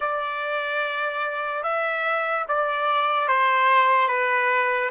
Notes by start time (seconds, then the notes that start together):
0.00 D5
1.63 E5
2.47 D5
3.28 C5
4.08 B4